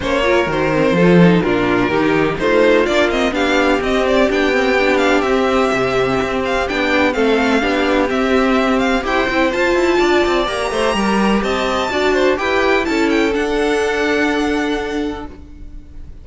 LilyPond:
<<
  \new Staff \with { instrumentName = "violin" } { \time 4/4 \tempo 4 = 126 cis''4 c''2 ais'4~ | ais'4 c''4 d''8 dis''8 f''4 | dis''8 d''8 g''4. f''8 e''4~ | e''4. f''8 g''4 f''4~ |
f''4 e''4. f''8 g''4 | a''2 ais''2 | a''2 g''4 a''8 g''8 | fis''1 | }
  \new Staff \with { instrumentName = "violin" } { \time 4/4 c''8 ais'4. a'4 f'4 | g'4 f'2 g'4~ | g'1~ | g'2. a'4 |
g'2. c''4~ | c''4 d''4. c''8 ais'4 | dis''4 d''8 c''8 b'4 a'4~ | a'1 | }
  \new Staff \with { instrumentName = "viola" } { \time 4/4 cis'8 f'8 fis'8 c'8 f'8 dis'8 d'4 | dis'4 a4 d'8 c'8 d'4 | c'4 d'8 c'8 d'4 c'4~ | c'2 d'4 c'4 |
d'4 c'2 g'8 e'8 | f'2 g'2~ | g'4 fis'4 g'4 e'4 | d'1 | }
  \new Staff \with { instrumentName = "cello" } { \time 4/4 ais4 dis4 f4 ais,4 | dis4 dis'4 ais4 b4 | c'4 b2 c'4 | c4 c'4 b4 a4 |
b4 c'2 e'8 c'8 | f'8 e'8 d'8 c'8 ais8 a8 g4 | c'4 d'4 e'4 cis'4 | d'1 | }
>>